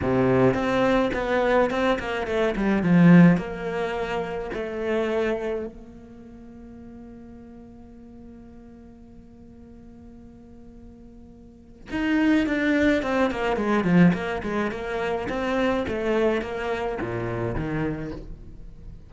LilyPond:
\new Staff \with { instrumentName = "cello" } { \time 4/4 \tempo 4 = 106 c4 c'4 b4 c'8 ais8 | a8 g8 f4 ais2 | a2 ais2~ | ais1~ |
ais1~ | ais4 dis'4 d'4 c'8 ais8 | gis8 f8 ais8 gis8 ais4 c'4 | a4 ais4 ais,4 dis4 | }